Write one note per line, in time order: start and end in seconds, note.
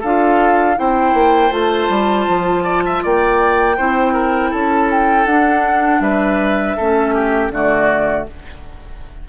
0.00 0.77 D4
0.00 0.75 F4
0.00 0.75 A4
0.00 0.77 F5
0.75 1.13 C4
0.75 1.50 E4
0.75 2.63 C5
0.75 1.53 G5
1.13 1.50 A#3
1.50 1.88 A3
1.50 3.75 F4
1.50 3.05 A5
1.89 2.26 G3
2.27 3.02 F3
2.63 2.82 D5
2.85 3.03 E5
3.03 3.78 A#3
3.03 3.76 D5
3.03 4.52 G5
3.76 4.53 C4
3.76 5.28 E4
3.76 4.13 C5
4.13 4.50 A#4
4.50 5.25 C#4
4.50 6.00 A4
4.50 4.90 A5
4.90 5.26 G5
5.25 6.00 D4
5.25 6.78 D4
5.25 6.01 F#5
6.00 6.75 G3
6.00 6.76 B4
6.00 7.51 E5
6.76 7.50 A3
6.76 7.52 C#4
6.76 7.14 A4
7.14 7.51 G4
7.50 8.25 D3
7.50 8.27 A3
7.50 8.28 F#4
7.50 8.26 D5